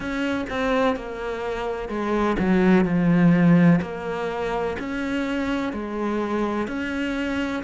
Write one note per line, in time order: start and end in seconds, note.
0.00 0.45 C#4
0.49 0.96 C4
0.96 1.88 A#3
1.88 2.36 G#3
2.38 2.84 F#3
2.84 3.80 F3
3.81 4.76 A#3
4.79 5.72 C#4
5.72 6.67 G#3
6.67 7.62 C#4